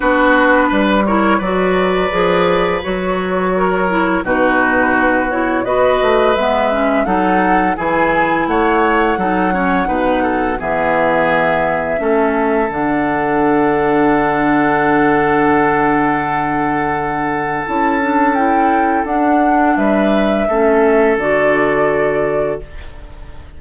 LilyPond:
<<
  \new Staff \with { instrumentName = "flute" } { \time 4/4 \tempo 4 = 85 b'4. cis''8 d''2 | cis''2 b'4. cis''8 | dis''4 e''4 fis''4 gis''4 | fis''2. e''4~ |
e''2 fis''2~ | fis''1~ | fis''4 a''4 g''4 fis''4 | e''2 d''2 | }
  \new Staff \with { instrumentName = "oboe" } { \time 4/4 fis'4 b'8 ais'8 b'2~ | b'4 ais'4 fis'2 | b'2 a'4 gis'4 | cis''4 a'8 cis''8 b'8 a'8 gis'4~ |
gis'4 a'2.~ | a'1~ | a'1 | b'4 a'2. | }
  \new Staff \with { instrumentName = "clarinet" } { \time 4/4 d'4. e'8 fis'4 gis'4 | fis'4. e'8 dis'4. e'8 | fis'4 b8 cis'8 dis'4 e'4~ | e'4 dis'8 cis'8 dis'4 b4~ |
b4 cis'4 d'2~ | d'1~ | d'4 e'8 d'8 e'4 d'4~ | d'4 cis'4 fis'2 | }
  \new Staff \with { instrumentName = "bassoon" } { \time 4/4 b4 g4 fis4 f4 | fis2 b,2 | b8 a8 gis4 fis4 e4 | a4 fis4 b,4 e4~ |
e4 a4 d2~ | d1~ | d4 cis'2 d'4 | g4 a4 d2 | }
>>